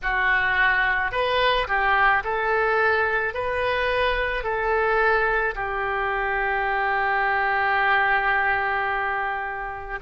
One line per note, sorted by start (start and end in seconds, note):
0.02 1.11 F#4
1.11 1.67 B4
1.67 2.23 G4
2.24 3.34 A4
3.34 4.43 B4
4.43 5.54 A4
5.55 9.99 G4